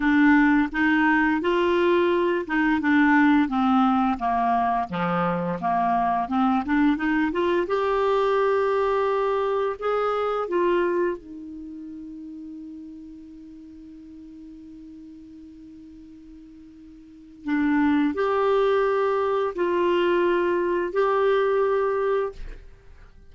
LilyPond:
\new Staff \with { instrumentName = "clarinet" } { \time 4/4 \tempo 4 = 86 d'4 dis'4 f'4. dis'8 | d'4 c'4 ais4 f4 | ais4 c'8 d'8 dis'8 f'8 g'4~ | g'2 gis'4 f'4 |
dis'1~ | dis'1~ | dis'4 d'4 g'2 | f'2 g'2 | }